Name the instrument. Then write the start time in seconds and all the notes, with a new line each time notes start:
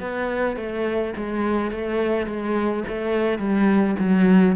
cello
0.00 B3
0.56 A3
1.17 G#3
1.71 A3
2.26 G#3
2.88 A3
3.38 G3
3.99 F#3